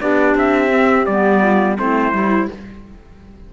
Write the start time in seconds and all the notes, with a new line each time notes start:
0.00 B3 D4 G4 D5
0.35 C4 E5
0.69 C4
1.06 G3 B3 D5
1.42 F4
1.77 A3 C4 E4 C5
2.12 G3 E4